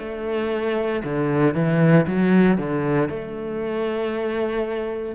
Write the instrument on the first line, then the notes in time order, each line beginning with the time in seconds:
cello
0.00 A3
1.04 D3
1.55 E3
2.07 F#3
2.58 D3
3.09 A3